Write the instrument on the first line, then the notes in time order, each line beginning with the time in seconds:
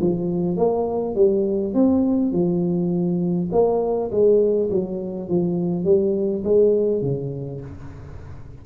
tuba
0.00 F3
0.57 A#3
1.15 G3
1.74 C4
2.32 F3
3.52 A#3
4.11 G#3
4.71 F#3
5.29 F3
5.84 G3
6.44 G#3
7.02 C#3